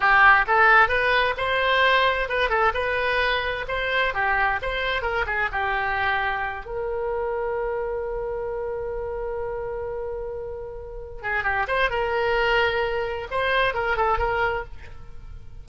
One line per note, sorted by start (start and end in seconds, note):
0.00 0.45 G4
0.47 0.88 A4
0.88 1.34 B4
1.37 2.28 C5
2.28 2.49 B4
2.49 2.72 A4
2.74 3.65 B4
3.68 4.13 C5
4.13 4.59 G4
4.62 5.02 C5
5.02 5.25 A#4
5.26 5.49 G#4
5.51 6.65 G4
6.65 11.22 A#4
11.22 11.43 G#4
11.43 11.66 G4
11.67 11.90 C5
11.90 13.27 A#4
13.30 13.74 C5
13.74 13.97 A#4
13.97 14.18 A4
14.18 14.64 A#4